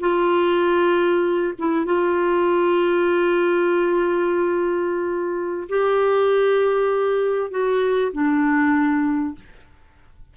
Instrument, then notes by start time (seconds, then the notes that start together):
clarinet
0.00 F4
1.58 E4
1.85 F4
5.69 G4
7.50 F#4
8.12 D4